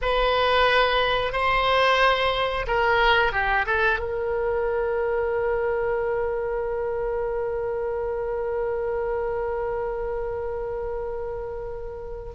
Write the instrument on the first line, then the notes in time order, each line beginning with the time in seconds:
oboe
0.02 B4
1.32 C5
2.67 A#4
3.32 G4
3.66 A4
3.99 A#4